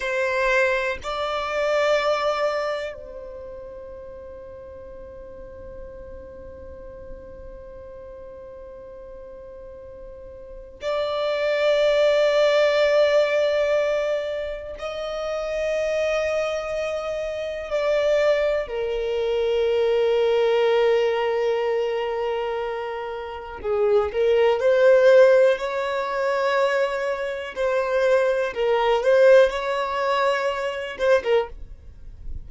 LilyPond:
\new Staff \with { instrumentName = "violin" } { \time 4/4 \tempo 4 = 61 c''4 d''2 c''4~ | c''1~ | c''2. d''4~ | d''2. dis''4~ |
dis''2 d''4 ais'4~ | ais'1 | gis'8 ais'8 c''4 cis''2 | c''4 ais'8 c''8 cis''4. c''16 ais'16 | }